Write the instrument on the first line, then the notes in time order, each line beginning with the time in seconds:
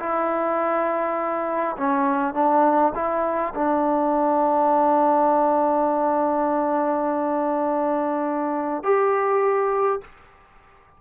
trombone
0.00 E4
1.78 C#4
2.34 D4
2.95 E4
3.55 D4
8.83 G4